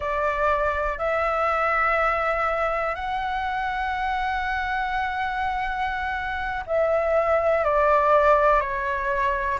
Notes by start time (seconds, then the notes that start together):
0.00 D5
0.98 E5
2.95 F#5
6.66 E5
7.64 D5
8.60 C#5